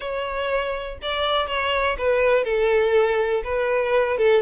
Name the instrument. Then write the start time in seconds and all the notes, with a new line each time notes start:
violin
0.00 C#5
1.02 D5
1.47 C#5
1.98 B4
2.44 A4
3.44 B4
4.17 A4